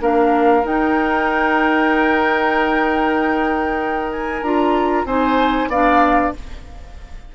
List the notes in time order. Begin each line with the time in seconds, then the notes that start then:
0.00 A#3 D4 A#4 F5
0.62 D#4 G5
4.12 G#5
4.42 D4 F4 A#5
5.04 C4 D#4 C5 G#5
5.67 B3 D4 D5 F5